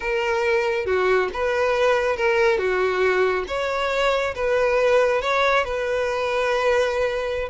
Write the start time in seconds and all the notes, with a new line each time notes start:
0.00 A#4
0.86 F#4
1.33 B4
2.16 A#4
2.58 F#4
3.47 C#5
4.35 B4
5.21 C#5
5.64 B4